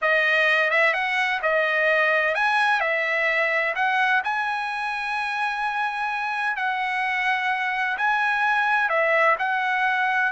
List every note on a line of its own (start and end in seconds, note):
0.01 0.70 D#5
0.70 0.93 E5
0.93 1.40 F#5
1.42 2.34 D#5
2.34 2.80 G#5
2.80 3.74 E5
3.75 4.22 F#5
4.24 6.56 G#5
6.56 7.97 F#5
7.97 8.89 G#5
8.89 9.36 E5
9.38 10.32 F#5